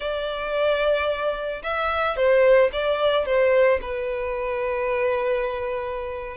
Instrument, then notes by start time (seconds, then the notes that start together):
violin
0.00 D5
1.63 E5
2.16 C5
2.72 D5
3.25 C5
3.81 B4